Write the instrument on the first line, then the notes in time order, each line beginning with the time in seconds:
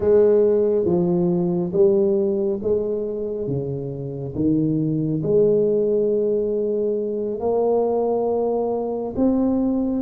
tuba
0.00 G#3
0.85 F3
1.72 G3
2.62 G#3
3.47 C#3
4.35 D#3
5.22 G#3
7.40 A#3
9.15 C4